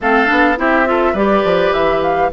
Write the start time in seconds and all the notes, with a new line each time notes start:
0.00 A3 C4 A4 F5
0.26 B3 D4
0.56 C4 E4 G4 E5
0.85 F4 A4
1.12 G3 G4 B4 D5
1.44 F3
1.72 E3 E5
2.02 F5